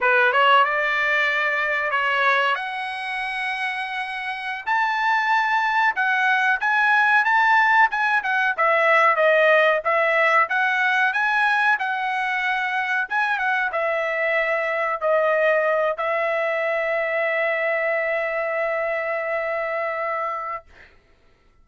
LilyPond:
\new Staff \with { instrumentName = "trumpet" } { \time 4/4 \tempo 4 = 93 b'8 cis''8 d''2 cis''4 | fis''2.~ fis''16 a''8.~ | a''4~ a''16 fis''4 gis''4 a''8.~ | a''16 gis''8 fis''8 e''4 dis''4 e''8.~ |
e''16 fis''4 gis''4 fis''4.~ fis''16~ | fis''16 gis''8 fis''8 e''2 dis''8.~ | dis''8. e''2.~ e''16~ | e''1 | }